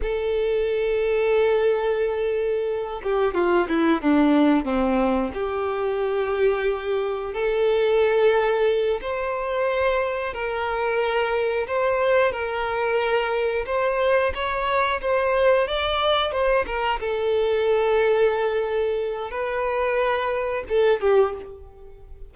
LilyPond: \new Staff \with { instrumentName = "violin" } { \time 4/4 \tempo 4 = 90 a'1~ | a'8 g'8 f'8 e'8 d'4 c'4 | g'2. a'4~ | a'4. c''2 ais'8~ |
ais'4. c''4 ais'4.~ | ais'8 c''4 cis''4 c''4 d''8~ | d''8 c''8 ais'8 a'2~ a'8~ | a'4 b'2 a'8 g'8 | }